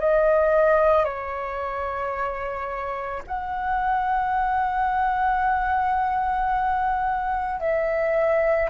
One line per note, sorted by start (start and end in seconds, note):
0.00 1.05 D#5
1.05 3.23 C#5
3.27 7.60 F#5
7.60 8.69 E5